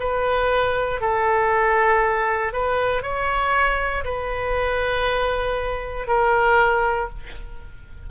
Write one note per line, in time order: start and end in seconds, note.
0.00 1.01 B4
1.01 2.53 A4
2.53 3.03 B4
3.03 4.04 C#5
4.05 6.07 B4
6.07 7.09 A#4